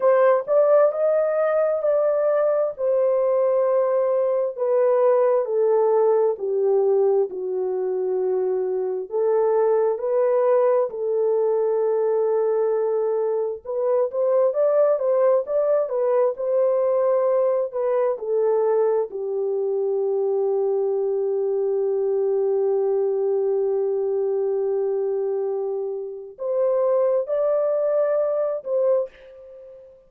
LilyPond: \new Staff \with { instrumentName = "horn" } { \time 4/4 \tempo 4 = 66 c''8 d''8 dis''4 d''4 c''4~ | c''4 b'4 a'4 g'4 | fis'2 a'4 b'4 | a'2. b'8 c''8 |
d''8 c''8 d''8 b'8 c''4. b'8 | a'4 g'2.~ | g'1~ | g'4 c''4 d''4. c''8 | }